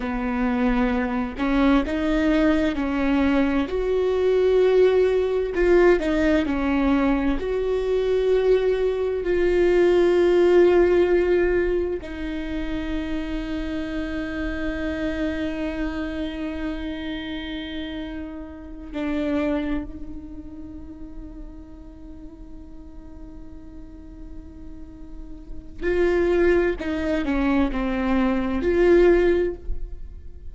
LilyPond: \new Staff \with { instrumentName = "viola" } { \time 4/4 \tempo 4 = 65 b4. cis'8 dis'4 cis'4 | fis'2 f'8 dis'8 cis'4 | fis'2 f'2~ | f'4 dis'2.~ |
dis'1~ | dis'8 d'4 dis'2~ dis'8~ | dis'1 | f'4 dis'8 cis'8 c'4 f'4 | }